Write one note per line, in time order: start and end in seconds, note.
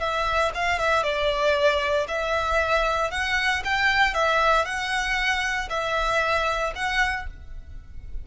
0.00 0.52 E5
0.54 0.79 F5
0.79 1.03 E5
1.03 2.07 D5
2.08 3.11 E5
3.11 3.63 F#5
3.64 4.14 G5
4.14 4.65 E5
4.65 5.69 F#5
5.70 6.73 E5
6.75 7.27 F#5